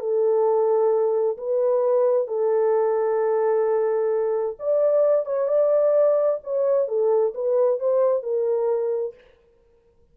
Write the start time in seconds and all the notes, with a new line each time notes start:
0.00 A4
1.38 B4
2.28 A4
4.59 D5
5.26 C#5
5.48 D5
6.44 C#5
6.88 A4
7.35 B4
7.80 C5
8.23 A#4